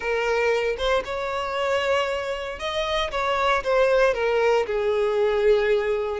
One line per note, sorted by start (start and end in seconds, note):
0.00 0.76 A#4
0.77 1.03 C5
1.04 2.59 C#5
2.59 3.10 D#5
3.11 3.63 C#5
3.63 4.14 C5
4.14 4.66 A#4
4.66 6.20 G#4